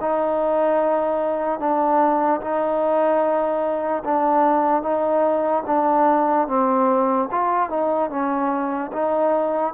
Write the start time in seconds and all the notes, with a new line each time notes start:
0.00 D#4
1.59 D4
2.41 D#4
4.04 D4
4.82 D#4
5.66 D4
6.48 C4
7.31 F4
7.69 D#4
8.10 C#4
8.92 D#4